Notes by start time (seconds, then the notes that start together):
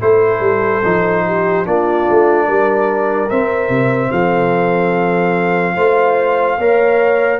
0.00 A3 E4 A4 C5
0.40 G3
0.84 F3 D#4
1.26 G4
1.65 A#3 D4 F4 D5
2.09 A3
2.46 G3 A#4
3.30 C4 E5
3.69 C3
4.11 F3 A4 F5
5.75 A3 F4 C5
6.58 A#3 A#4 C#5